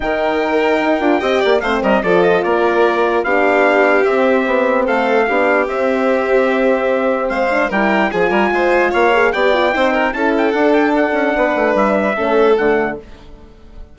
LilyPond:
<<
  \new Staff \with { instrumentName = "trumpet" } { \time 4/4 \tempo 4 = 148 g''1 | f''8 dis''8 d''8 dis''8 d''2 | f''2 e''2 | f''2 e''2~ |
e''2 f''4 g''4 | gis''2 f''4 g''4~ | g''4 a''8 g''8 fis''8 g''8 fis''4~ | fis''4 e''2 fis''4 | }
  \new Staff \with { instrumentName = "violin" } { \time 4/4 ais'2. dis''8 d''8 | c''8 ais'8 a'4 ais'2 | g'1 | a'4 g'2.~ |
g'2 c''4 ais'4 | gis'8 ais'8 c''4 cis''4 d''4 | c''8 ais'8 a'2. | b'2 a'2 | }
  \new Staff \with { instrumentName = "horn" } { \time 4/4 dis'2~ dis'8 f'8 g'4 | c'4 f'2. | d'2 c'2~ | c'4 d'4 c'2~ |
c'2~ c'8 d'8 e'4 | f'2~ f'8 gis'8 g'8 f'8 | dis'4 e'4 d'2~ | d'2 cis'4 a4 | }
  \new Staff \with { instrumentName = "bassoon" } { \time 4/4 dis2 dis'8 d'8 c'8 ais8 | a8 g8 f4 ais2 | b2 c'4 b4 | a4 b4 c'2~ |
c'2 gis4 g4 | f8 g8 gis4 ais4 b4 | c'4 cis'4 d'4. cis'8 | b8 a8 g4 a4 d4 | }
>>